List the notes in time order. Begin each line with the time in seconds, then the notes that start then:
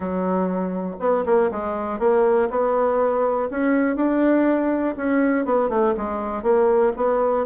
0.00 F#3
0.99 B3
1.25 A#3
1.51 G#3
1.99 A#3
2.50 B3
3.50 C#4
3.96 D4
4.97 C#4
5.45 B3
5.69 A3
5.97 G#3
6.42 A#3
6.96 B3